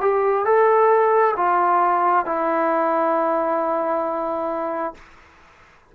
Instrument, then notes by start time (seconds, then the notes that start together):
trombone
0.00 G4
0.45 A4
1.36 F4
2.26 E4